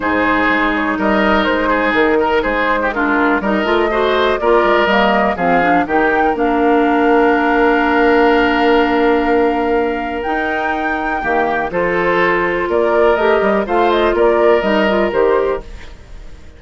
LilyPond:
<<
  \new Staff \with { instrumentName = "flute" } { \time 4/4 \tempo 4 = 123 c''4. cis''8 dis''4 c''4 | ais'4 c''4 ais'4 dis''4~ | dis''4 d''4 dis''4 f''4 | g''4 f''2.~ |
f''1~ | f''4 g''2. | c''2 d''4 dis''4 | f''8 dis''8 d''4 dis''4 c''4 | }
  \new Staff \with { instrumentName = "oboe" } { \time 4/4 gis'2 ais'4. gis'8~ | gis'8 ais'8 gis'8. g'16 f'4 ais'4 | c''4 ais'2 gis'4 | g'8. ais'2.~ ais'16~ |
ais'1~ | ais'2. g'4 | a'2 ais'2 | c''4 ais'2. | }
  \new Staff \with { instrumentName = "clarinet" } { \time 4/4 dis'1~ | dis'2 d'4 dis'8 f'8 | fis'4 f'4 ais4 c'8 d'8 | dis'4 d'2.~ |
d'1~ | d'4 dis'2 ais4 | f'2. g'4 | f'2 dis'8 f'8 g'4 | }
  \new Staff \with { instrumentName = "bassoon" } { \time 4/4 gis,4 gis4 g4 gis4 | dis4 gis2 g8 a8~ | a4 ais8 gis8 g4 f4 | dis4 ais2.~ |
ais1~ | ais4 dis'2 dis4 | f2 ais4 a8 g8 | a4 ais4 g4 dis4 | }
>>